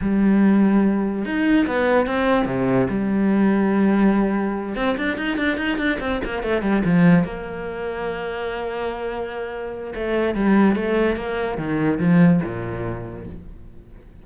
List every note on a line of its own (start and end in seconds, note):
0.01 1.25 G3
1.25 1.66 D#4
1.66 2.06 B3
2.06 2.45 C4
2.45 2.87 C3
2.89 4.75 G3
4.75 4.96 C4
4.97 5.17 D4
5.17 5.37 D#4
5.37 5.57 D4
5.57 5.77 D#4
5.77 5.98 D4
6.00 6.20 C4
6.24 6.42 A#3
6.42 6.62 A3
6.62 6.82 G3
6.84 7.24 F3
7.24 9.93 A#3
9.94 10.34 A3
10.34 10.75 G3
10.75 11.16 A3
11.16 11.57 A#3
11.57 11.99 D#3
11.99 12.40 F3
12.43 13.25 A#2